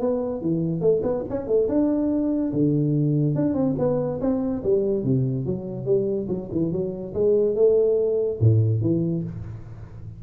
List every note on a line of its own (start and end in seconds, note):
0.00 0.41 B3
0.41 0.81 E3
0.81 1.02 A3
1.03 1.24 B3
1.29 1.47 C#4
1.47 1.68 A3
1.68 2.52 D4
2.53 3.35 D3
3.35 3.54 D4
3.54 3.75 C4
3.78 4.20 B3
4.21 4.63 C4
4.63 5.03 G3
5.03 5.45 C3
5.46 5.86 F#3
5.86 6.28 G3
6.29 6.50 F#3
6.52 6.72 E3
6.72 7.14 F#3
7.14 7.55 G#3
7.55 8.39 A3
8.40 8.81 A2
8.81 9.23 E3